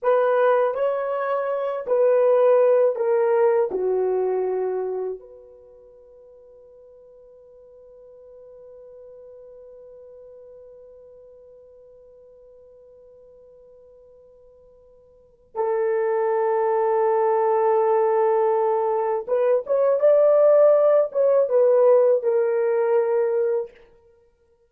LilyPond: \new Staff \with { instrumentName = "horn" } { \time 4/4 \tempo 4 = 81 b'4 cis''4. b'4. | ais'4 fis'2 b'4~ | b'1~ | b'1~ |
b'1~ | b'4 a'2.~ | a'2 b'8 cis''8 d''4~ | d''8 cis''8 b'4 ais'2 | }